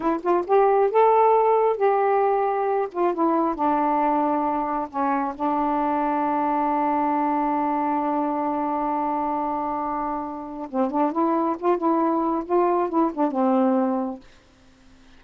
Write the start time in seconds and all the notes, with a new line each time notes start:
0.00 E4
0.22 F4
0.46 G4
0.90 A4
1.77 G4
2.92 F4
3.14 E4
3.55 D4
4.89 C#4
5.35 D4
10.70 C4
10.91 D4
11.12 E4
11.59 F4
11.77 E4
12.45 F4
12.89 E4
13.14 D4
13.31 C4